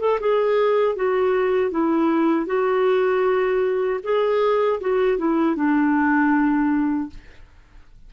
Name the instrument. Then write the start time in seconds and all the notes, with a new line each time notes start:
clarinet
0.00 A4
0.20 G#4
0.95 F#4
1.71 E4
2.46 F#4
4.03 G#4
4.80 F#4
5.18 E4
5.56 D4